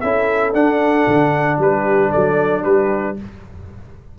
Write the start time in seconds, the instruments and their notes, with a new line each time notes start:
0.00 tuba C#4, trombone E4, horn A4, trumpet E5
0.53 trombone D4, tuba D4, trumpet F#5
1.07 tuba D3
1.58 tuba G3, horn G4, trumpet B4
2.10 tuba F#3, horn A4, trumpet D5
2.62 tuba G3, horn G4, trumpet B4